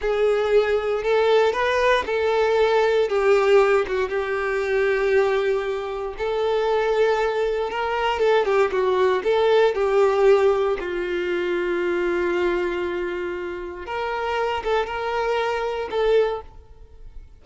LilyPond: \new Staff \with { instrumentName = "violin" } { \time 4/4 \tempo 4 = 117 gis'2 a'4 b'4 | a'2 g'4. fis'8 | g'1 | a'2. ais'4 |
a'8 g'8 fis'4 a'4 g'4~ | g'4 f'2.~ | f'2. ais'4~ | ais'8 a'8 ais'2 a'4 | }